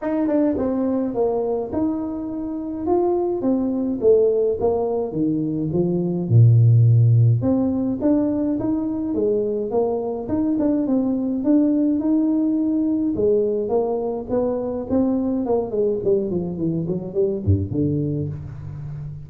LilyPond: \new Staff \with { instrumentName = "tuba" } { \time 4/4 \tempo 4 = 105 dis'8 d'8 c'4 ais4 dis'4~ | dis'4 f'4 c'4 a4 | ais4 dis4 f4 ais,4~ | ais,4 c'4 d'4 dis'4 |
gis4 ais4 dis'8 d'8 c'4 | d'4 dis'2 gis4 | ais4 b4 c'4 ais8 gis8 | g8 f8 e8 fis8 g8 g,8 d4 | }